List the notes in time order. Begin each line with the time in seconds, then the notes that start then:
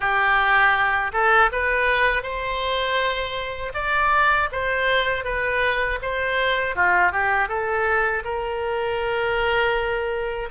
0.00 G4
1.12 A4
1.51 B4
2.23 C5
3.74 D5
4.52 C5
5.24 B4
6.01 C5
6.75 F4
7.12 G4
7.48 A4
8.24 A#4